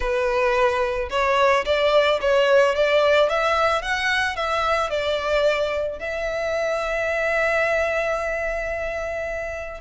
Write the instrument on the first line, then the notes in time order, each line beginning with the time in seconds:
violin
0.00 B4
1.10 C#5
1.65 D5
2.21 C#5
2.75 D5
3.29 E5
3.82 F#5
4.35 E5
4.90 D5
5.99 E5